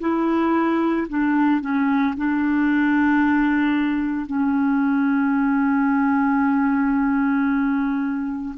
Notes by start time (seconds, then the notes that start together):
0.00 E4
1.08 D4
1.61 C#4
2.17 D4
4.27 C#4